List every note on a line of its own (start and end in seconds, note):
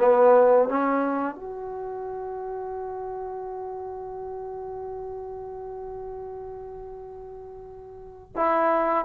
0.00 0.69 B3
0.69 1.35 C#4
1.35 8.33 F#4
8.36 9.06 E4